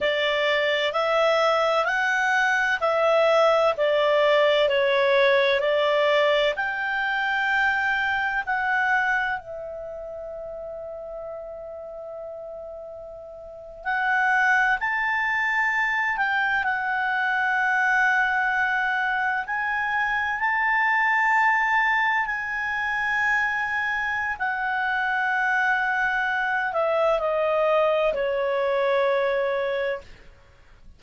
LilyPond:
\new Staff \with { instrumentName = "clarinet" } { \time 4/4 \tempo 4 = 64 d''4 e''4 fis''4 e''4 | d''4 cis''4 d''4 g''4~ | g''4 fis''4 e''2~ | e''2~ e''8. fis''4 a''16~ |
a''4~ a''16 g''8 fis''2~ fis''16~ | fis''8. gis''4 a''2 gis''16~ | gis''2 fis''2~ | fis''8 e''8 dis''4 cis''2 | }